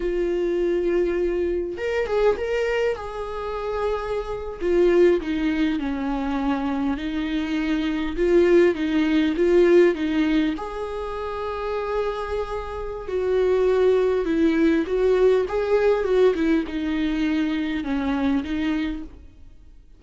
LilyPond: \new Staff \with { instrumentName = "viola" } { \time 4/4 \tempo 4 = 101 f'2. ais'8 gis'8 | ais'4 gis'2~ gis'8. f'16~ | f'8. dis'4 cis'2 dis'16~ | dis'4.~ dis'16 f'4 dis'4 f'16~ |
f'8. dis'4 gis'2~ gis'16~ | gis'2 fis'2 | e'4 fis'4 gis'4 fis'8 e'8 | dis'2 cis'4 dis'4 | }